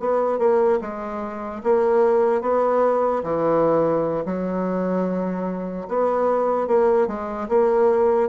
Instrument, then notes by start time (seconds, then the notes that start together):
bassoon
0.00 B3
0.39 A#3
0.81 G#3
1.64 A#3
2.42 B3
3.24 E3
4.26 F#3
5.89 B3
6.68 A#3
7.08 G#3
7.49 A#3